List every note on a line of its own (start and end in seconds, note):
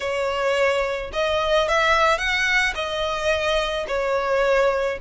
0.00 1.11 C#5
1.12 1.68 D#5
1.68 2.18 E5
2.18 2.73 F#5
2.74 3.86 D#5
3.87 4.98 C#5